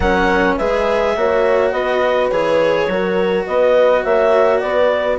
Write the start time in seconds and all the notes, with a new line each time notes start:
0.00 F#3 C#4 A#4 F#5
0.57 G#3 G#4 B4 E5
1.16 A#3 F#4 C#5
1.71 B3 B4 D#5
2.29 E3 G#4 C#5
2.87 F#3 F#4 A#4
3.46 B3 B4 D#5
4.03 A#3 C#5 E5
4.59 B3 B4 D5